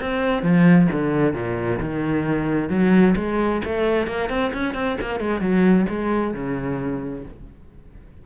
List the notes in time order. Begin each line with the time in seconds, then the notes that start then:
0.00 C4
0.42 F3
0.92 D3
1.34 A#2
1.80 D#3
2.69 F#3
3.16 G#3
3.65 A3
4.07 A#3
4.29 C4
4.53 C#4
4.74 C4
5.01 A#3
5.20 G#3
5.40 F#3
5.89 G#3
6.34 C#3